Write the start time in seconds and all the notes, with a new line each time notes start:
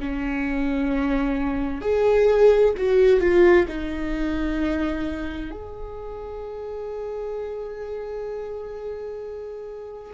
0.00 C#4
1.82 G#4
2.78 F#4
3.21 F4
3.68 D#4
5.51 G#4